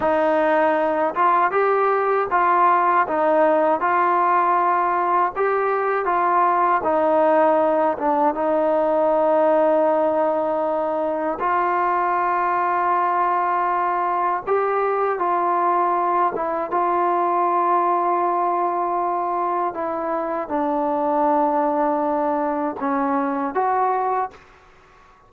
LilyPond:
\new Staff \with { instrumentName = "trombone" } { \time 4/4 \tempo 4 = 79 dis'4. f'8 g'4 f'4 | dis'4 f'2 g'4 | f'4 dis'4. d'8 dis'4~ | dis'2. f'4~ |
f'2. g'4 | f'4. e'8 f'2~ | f'2 e'4 d'4~ | d'2 cis'4 fis'4 | }